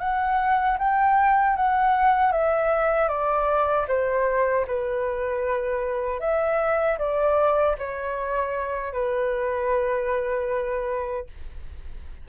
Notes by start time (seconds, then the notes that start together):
0.00 F#5
0.79 G5
1.57 F#5
2.32 E5
3.09 D5
3.88 C5
4.68 B4
6.21 E5
6.99 D5
7.79 C#5
8.93 B4